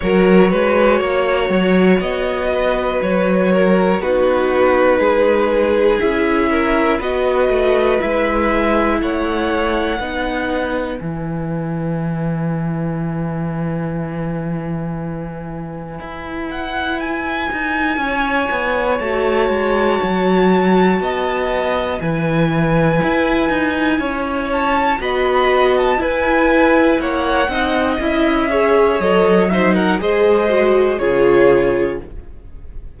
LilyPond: <<
  \new Staff \with { instrumentName = "violin" } { \time 4/4 \tempo 4 = 60 cis''2 dis''4 cis''4 | b'2 e''4 dis''4 | e''4 fis''2 gis''4~ | gis''1~ |
gis''8 fis''8 gis''2 a''4~ | a''2 gis''2~ | gis''8 a''8 b''8. a''16 gis''4 fis''4 | e''4 dis''8 e''16 fis''16 dis''4 cis''4 | }
  \new Staff \with { instrumentName = "violin" } { \time 4/4 ais'8 b'8 cis''4. b'4 ais'8 | fis'4 gis'4. ais'8 b'4~ | b'4 cis''4 b'2~ | b'1~ |
b'2 cis''2~ | cis''4 dis''4 b'2 | cis''4 dis''4 b'4 cis''8 dis''8~ | dis''8 cis''4 c''16 ais'16 c''4 gis'4 | }
  \new Staff \with { instrumentName = "viola" } { \time 4/4 fis'1 | dis'2 e'4 fis'4 | e'2 dis'4 e'4~ | e'1~ |
e'2. fis'4~ | fis'2 e'2~ | e'4 fis'4 e'4. dis'8 | e'8 gis'8 a'8 dis'8 gis'8 fis'8 f'4 | }
  \new Staff \with { instrumentName = "cello" } { \time 4/4 fis8 gis8 ais8 fis8 b4 fis4 | b4 gis4 cis'4 b8 a8 | gis4 a4 b4 e4~ | e1 |
e'4. dis'8 cis'8 b8 a8 gis8 | fis4 b4 e4 e'8 dis'8 | cis'4 b4 e'4 ais8 c'8 | cis'4 fis4 gis4 cis4 | }
>>